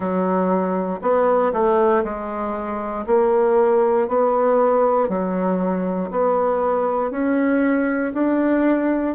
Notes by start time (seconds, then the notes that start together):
0.00 F#3
1.01 B3
1.53 A3
2.03 G#3
3.06 A#3
4.08 B3
5.08 F#3
6.11 B3
7.10 C#4
8.13 D4